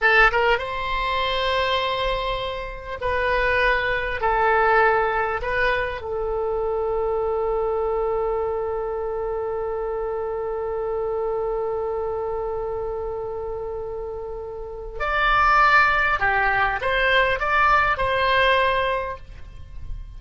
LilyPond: \new Staff \with { instrumentName = "oboe" } { \time 4/4 \tempo 4 = 100 a'8 ais'8 c''2.~ | c''4 b'2 a'4~ | a'4 b'4 a'2~ | a'1~ |
a'1~ | a'1~ | a'4 d''2 g'4 | c''4 d''4 c''2 | }